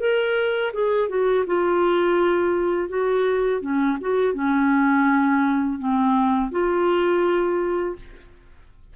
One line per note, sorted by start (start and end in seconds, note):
0.00 0.72 A#4
0.74 1.09 G#4
1.09 1.45 F#4
1.47 2.89 F4
2.89 3.61 F#4
3.61 3.98 C#4
4.01 4.34 F#4
4.34 5.79 C#4
5.79 6.51 C4
6.51 7.96 F4